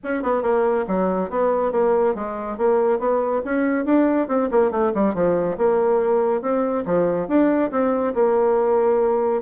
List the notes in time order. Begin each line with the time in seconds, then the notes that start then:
0.03 C#4
0.22 B3
0.42 A#3
0.87 F#3
1.30 B3
1.72 A#3
2.14 G#3
2.57 A#3
2.99 B3
3.44 C#4
3.85 D4
4.28 C4
4.51 A#3
4.71 A3
4.94 G3
5.14 F3
5.57 A#3
6.41 C4
6.85 F3
7.28 D4
7.71 C4
8.14 A#3